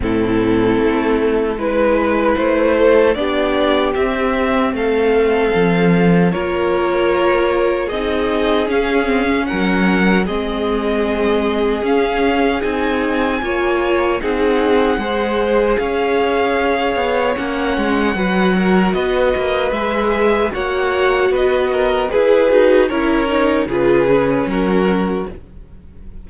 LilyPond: <<
  \new Staff \with { instrumentName = "violin" } { \time 4/4 \tempo 4 = 76 a'2 b'4 c''4 | d''4 e''4 f''2 | cis''2 dis''4 f''4 | fis''4 dis''2 f''4 |
gis''2 fis''2 | f''2 fis''2 | dis''4 e''4 fis''4 dis''4 | b'4 cis''4 b'4 ais'4 | }
  \new Staff \with { instrumentName = "violin" } { \time 4/4 e'2 b'4. a'8 | g'2 a'2 | ais'2 gis'2 | ais'4 gis'2.~ |
gis'4 cis''4 gis'4 c''4 | cis''2. b'8 ais'8 | b'2 cis''4 b'8 ais'8 | gis'4 ais'4 gis'4 fis'4 | }
  \new Staff \with { instrumentName = "viola" } { \time 4/4 c'2 e'2 | d'4 c'2. | f'2 dis'4 cis'8 c'16 cis'16~ | cis'4 c'2 cis'4 |
dis'4 f'4 dis'4 gis'4~ | gis'2 cis'4 fis'4~ | fis'4 gis'4 fis'2 | gis'8 fis'8 e'8 dis'8 f'8 cis'4. | }
  \new Staff \with { instrumentName = "cello" } { \time 4/4 a,4 a4 gis4 a4 | b4 c'4 a4 f4 | ais2 c'4 cis'4 | fis4 gis2 cis'4 |
c'4 ais4 c'4 gis4 | cis'4. b8 ais8 gis8 fis4 | b8 ais8 gis4 ais4 b4 | e'8 dis'8 cis'4 cis4 fis4 | }
>>